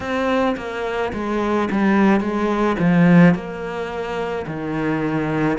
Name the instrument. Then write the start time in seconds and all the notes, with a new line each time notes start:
cello
0.00 C4
0.56 A#3
1.13 G#3
1.71 G3
2.20 G#3
2.79 F3
3.34 A#3
4.46 D#3